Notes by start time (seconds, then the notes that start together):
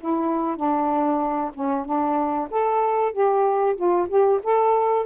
0.00 E4
0.56 D4
1.54 C#4
1.85 D4
2.51 A4
3.12 G4
3.76 F4
4.09 G4
4.43 A4